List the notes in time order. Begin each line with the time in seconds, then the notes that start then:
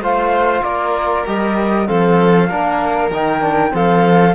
0.00 A3 F4 C5 F5
0.62 A#3 A#4 D5
1.26 G3 G4 D#5
1.87 F3 C4 A4 F5
2.49 A#3 D4 A#4
3.10 D#3 D#4 G5
3.41 D4
3.70 F3 C4 A4 F5